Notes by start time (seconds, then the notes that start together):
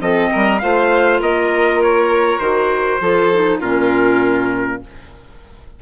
0.00 F3 C4 A4 D#5
0.32 G3 A#4
0.59 A3 F4 C5 F5
1.20 A#3 A#4 D#5
1.83 C#5
2.39 D#3 F#4 C5
3.00 F3 F4 A4
3.33 D#4
3.60 A#2 C#4 F4 A#4